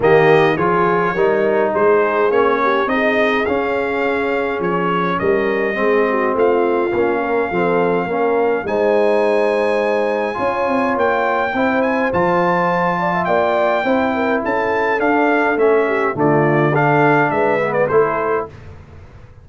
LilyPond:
<<
  \new Staff \with { instrumentName = "trumpet" } { \time 4/4 \tempo 4 = 104 dis''4 cis''2 c''4 | cis''4 dis''4 f''2 | cis''4 dis''2 f''4~ | f''2. gis''4~ |
gis''2. g''4~ | g''8 gis''8 a''2 g''4~ | g''4 a''4 f''4 e''4 | d''4 f''4 e''8. d''16 c''4 | }
  \new Staff \with { instrumentName = "horn" } { \time 4/4 g'4 gis'4 ais'4 gis'4~ | gis'8 g'8 gis'2.~ | gis'4 ais'4 gis'8 fis'8 f'4~ | f'8 ais'8 a'4 ais'4 c''4~ |
c''2 cis''2 | c''2~ c''8 d''16 e''16 d''4 | c''8 ais'8 a'2~ a'8 g'8 | f'4 a'4 b'4 a'4 | }
  \new Staff \with { instrumentName = "trombone" } { \time 4/4 ais4 f'4 dis'2 | cis'4 dis'4 cis'2~ | cis'2 c'2 | cis'4 c'4 cis'4 dis'4~ |
dis'2 f'2 | e'4 f'2. | e'2 d'4 cis'4 | a4 d'4. b8 e'4 | }
  \new Staff \with { instrumentName = "tuba" } { \time 4/4 dis4 f4 g4 gis4 | ais4 c'4 cis'2 | f4 g4 gis4 a4 | ais4 f4 ais4 gis4~ |
gis2 cis'8 c'8 ais4 | c'4 f2 ais4 | c'4 cis'4 d'4 a4 | d2 gis4 a4 | }
>>